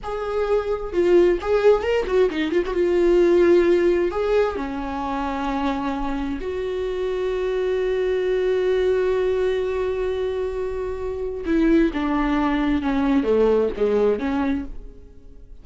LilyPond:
\new Staff \with { instrumentName = "viola" } { \time 4/4 \tempo 4 = 131 gis'2 f'4 gis'4 | ais'8 fis'8 dis'8 f'16 fis'16 f'2~ | f'4 gis'4 cis'2~ | cis'2 fis'2~ |
fis'1~ | fis'1~ | fis'4 e'4 d'2 | cis'4 a4 gis4 cis'4 | }